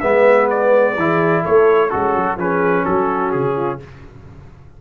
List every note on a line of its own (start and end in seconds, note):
0.00 0.96 G#3
0.00 0.97 B3
0.00 0.97 B4
0.00 0.47 E5
0.50 1.45 D5
0.96 1.44 E3
0.96 1.90 E4
0.96 1.42 G#4
1.42 1.94 A3
1.42 1.89 A4
1.42 1.90 C#5
1.90 2.16 G#3
1.90 2.37 C#4
1.90 2.37 F#4
1.90 2.37 A4
2.16 2.37 F#3
2.37 2.84 F3
2.37 3.80 C#4
2.37 2.85 G#4
2.37 2.85 B4
2.85 3.34 F#3
2.85 3.56 F#4
2.85 3.32 A4
3.32 3.81 C#3
3.32 3.79 G#4
3.56 3.79 F4